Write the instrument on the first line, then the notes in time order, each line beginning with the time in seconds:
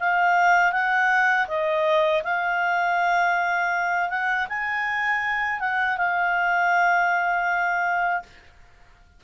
clarinet
0.00 F5
0.72 F#5
1.48 D#5
2.23 F5
4.09 F#5
4.49 G#5
5.60 F#5
5.97 F5